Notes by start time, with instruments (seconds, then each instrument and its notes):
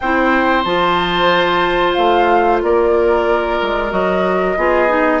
0.00 bassoon C4, clarinet E4, oboe C5, flute G5
0.64 bassoon F3, clarinet F4, flute A5
1.93 bassoon A3, flute F5
2.62 bassoon A#3, oboe A#4, flute D5
3.61 bassoon G#3
3.90 bassoon F#3, clarinet F#4, flute D#5
4.56 bassoon B3, clarinet F4, oboe G#4
4.88 clarinet D#4